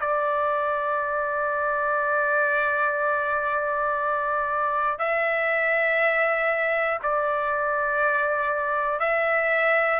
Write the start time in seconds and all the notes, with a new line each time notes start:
0.00 D5
4.99 E5
7.03 D5
9.00 E5